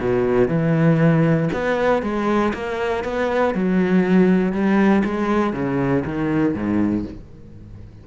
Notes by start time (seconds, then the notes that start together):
0.00 B2
0.48 E3
1.53 B3
2.02 G#3
2.53 A#3
3.04 B3
3.55 F#3
4.52 G3
5.04 G#3
5.53 C#3
6.05 D#3
6.54 G#2